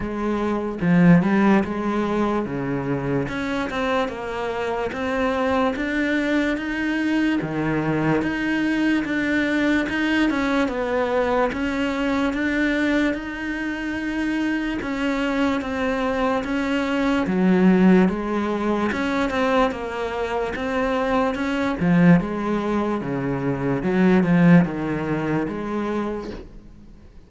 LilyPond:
\new Staff \with { instrumentName = "cello" } { \time 4/4 \tempo 4 = 73 gis4 f8 g8 gis4 cis4 | cis'8 c'8 ais4 c'4 d'4 | dis'4 dis4 dis'4 d'4 | dis'8 cis'8 b4 cis'4 d'4 |
dis'2 cis'4 c'4 | cis'4 fis4 gis4 cis'8 c'8 | ais4 c'4 cis'8 f8 gis4 | cis4 fis8 f8 dis4 gis4 | }